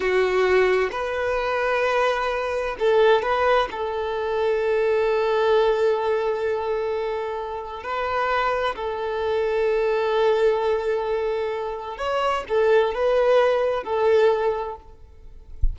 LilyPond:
\new Staff \with { instrumentName = "violin" } { \time 4/4 \tempo 4 = 130 fis'2 b'2~ | b'2 a'4 b'4 | a'1~ | a'1~ |
a'4 b'2 a'4~ | a'1~ | a'2 cis''4 a'4 | b'2 a'2 | }